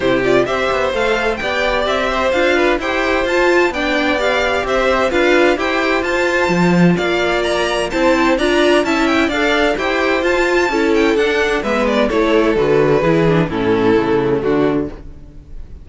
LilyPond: <<
  \new Staff \with { instrumentName = "violin" } { \time 4/4 \tempo 4 = 129 c''8 d''8 e''4 f''4 g''4 | e''4 f''4 g''4 a''4 | g''4 f''4 e''4 f''4 | g''4 a''2 f''4 |
ais''4 a''4 ais''4 a''8 g''8 | f''4 g''4 a''4. g''8 | fis''4 e''8 d''8 cis''4 b'4~ | b'4 a'2 fis'4 | }
  \new Staff \with { instrumentName = "violin" } { \time 4/4 g'4 c''2 d''4~ | d''8 c''4 b'8 c''2 | d''2 c''4 b'4 | c''2. d''4~ |
d''4 c''4 d''4 e''4 | d''4 c''2 a'4~ | a'4 b'4 a'2 | gis'4 e'2 d'4 | }
  \new Staff \with { instrumentName = "viola" } { \time 4/4 e'8 f'8 g'4 a'4 g'4~ | g'4 f'4 g'4 f'4 | d'4 g'2 f'4 | g'4 f'2.~ |
f'4 e'4 f'4 e'4 | a'4 g'4 f'4 e'4 | d'4 b4 e'4 fis'4 | e'8 d'8 cis'4 a2 | }
  \new Staff \with { instrumentName = "cello" } { \time 4/4 c4 c'8 b8 a4 b4 | c'4 d'4 e'4 f'4 | b2 c'4 d'4 | e'4 f'4 f4 ais4~ |
ais4 c'4 d'4 cis'4 | d'4 e'4 f'4 cis'4 | d'4 gis4 a4 d4 | e4 a,4 cis4 d4 | }
>>